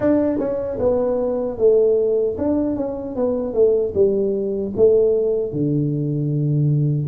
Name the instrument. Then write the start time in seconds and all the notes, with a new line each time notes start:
tuba
0.00 D4
0.38 C#4
0.79 B3
1.58 A3
2.38 D4
2.76 C#4
3.15 B3
3.53 A3
3.94 G3
4.76 A3
5.52 D3